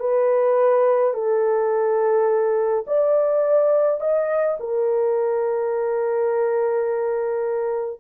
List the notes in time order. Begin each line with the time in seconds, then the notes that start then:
0.00 B4
1.14 A4
2.87 D5
4.01 D#5
4.60 A#4